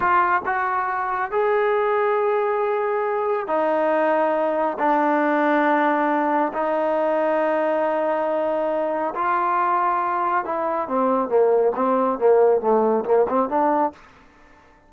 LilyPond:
\new Staff \with { instrumentName = "trombone" } { \time 4/4 \tempo 4 = 138 f'4 fis'2 gis'4~ | gis'1 | dis'2. d'4~ | d'2. dis'4~ |
dis'1~ | dis'4 f'2. | e'4 c'4 ais4 c'4 | ais4 a4 ais8 c'8 d'4 | }